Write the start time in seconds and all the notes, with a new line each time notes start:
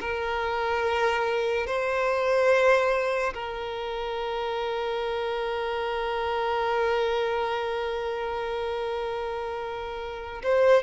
0.00 A#4
1.67 C5
3.34 A#4
10.43 C5